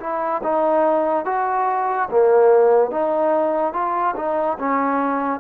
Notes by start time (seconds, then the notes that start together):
0.00 E4
0.44 D#4
1.25 F#4
2.10 A#3
2.91 D#4
3.73 F4
4.16 D#4
4.59 C#4